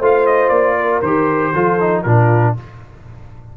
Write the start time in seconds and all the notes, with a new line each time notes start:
0.00 A3 F4 C5 F5
0.27 D#5
0.49 A#3 D5
0.76 A#4
1.02 D#3 G4 C5
1.53 F3 F4 A4
1.80 D#4
2.03 A#2 D4 F4 A#4